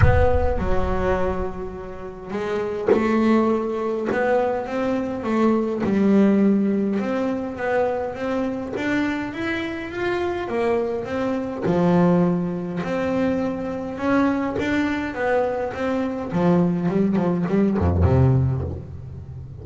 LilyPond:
\new Staff \with { instrumentName = "double bass" } { \time 4/4 \tempo 4 = 103 b4 fis2. | gis4 a2 b4 | c'4 a4 g2 | c'4 b4 c'4 d'4 |
e'4 f'4 ais4 c'4 | f2 c'2 | cis'4 d'4 b4 c'4 | f4 g8 f8 g8 f,8 c4 | }